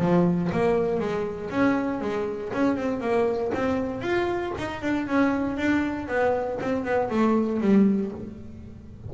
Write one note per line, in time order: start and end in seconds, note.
0.00 0.51 F3
0.52 1.00 A#3
1.00 1.50 G#3
1.50 2.01 C#4
2.02 2.52 G#3
2.53 2.77 C#4
2.77 3.01 C4
3.01 3.52 A#3
3.55 4.02 C4
4.02 4.53 F4
4.59 4.82 D#4
4.82 5.07 D4
5.07 5.57 C#4
5.57 6.08 D4
6.08 6.59 B3
6.61 6.85 C4
6.85 7.10 B3
7.10 7.61 A3
7.61 8.12 G3